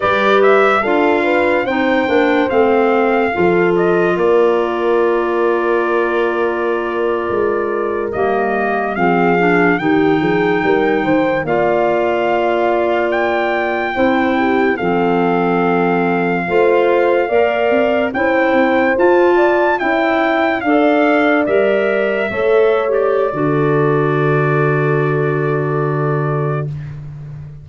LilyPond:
<<
  \new Staff \with { instrumentName = "trumpet" } { \time 4/4 \tempo 4 = 72 d''8 e''8 f''4 g''4 f''4~ | f''8 dis''8 d''2.~ | d''4.~ d''16 dis''4 f''4 g''16~ | g''4.~ g''16 f''2 g''16~ |
g''4.~ g''16 f''2~ f''16~ | f''4.~ f''16 g''4 a''4 g''16~ | g''8. f''4 e''4.~ e''16 d''8~ | d''1 | }
  \new Staff \with { instrumentName = "horn" } { \time 4/4 b'4 a'8 b'8 c''2 | a'4 ais'2.~ | ais'2~ ais'8. gis'4 g'16~ | g'16 gis'8 ais'8 c''8 d''2~ d''16~ |
d''8. c''8 g'8 a'2 c''16~ | c''8. d''4 c''4. d''8 e''16~ | e''8. d''2 cis''4~ cis''16 | a'1 | }
  \new Staff \with { instrumentName = "clarinet" } { \time 4/4 g'4 f'4 dis'8 d'8 c'4 | f'1~ | f'4.~ f'16 ais4 c'8 d'8 dis'16~ | dis'4.~ dis'16 f'2~ f'16~ |
f'8. e'4 c'2 f'16~ | f'8. ais'4 e'4 f'4 e'16~ | e'8. a'4 ais'4 a'8. g'8 | fis'1 | }
  \new Staff \with { instrumentName = "tuba" } { \time 4/4 g4 d'4 c'8 ais8 a4 | f4 ais2.~ | ais8. gis4 g4 f4 dis16~ | dis16 f8 g8 dis8 ais2~ ais16~ |
ais8. c'4 f2 a16~ | a8. ais8 c'8 cis'8 c'8 f'4 cis'16~ | cis'8. d'4 g4 a4~ a16 | d1 | }
>>